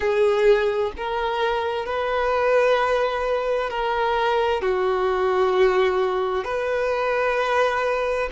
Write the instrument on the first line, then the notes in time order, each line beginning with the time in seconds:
violin
0.00 G#4
0.97 A#4
1.85 B4
3.69 A#4
4.62 F#4
6.44 B4